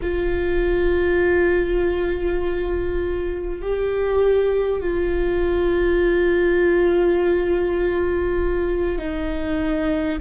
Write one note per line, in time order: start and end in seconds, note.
0.02 3.62 F4
3.62 4.80 G4
4.80 8.98 F4
8.98 10.18 D#4